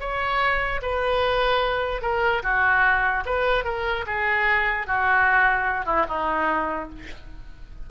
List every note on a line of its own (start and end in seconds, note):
0.00 0.81 C#5
0.82 2.02 B4
2.02 2.42 A#4
2.43 3.24 F#4
3.26 3.64 B4
3.64 4.05 A#4
4.07 4.87 G#4
4.87 5.85 F#4
5.85 6.06 E4
6.08 6.89 D#4